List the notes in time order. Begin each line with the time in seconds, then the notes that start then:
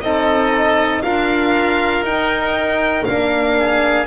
0.00 C4 D#4 A4 D#5
1.02 D4 F4 A#4 F5
2.01 D#4 G5
3.04 A#3 D4 F5
3.58 G#4